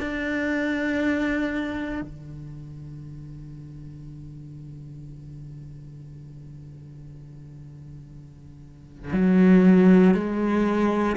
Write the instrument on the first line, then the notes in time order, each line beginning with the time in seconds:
cello
0.00 D4
2.02 D3
9.13 F#3
10.15 G#3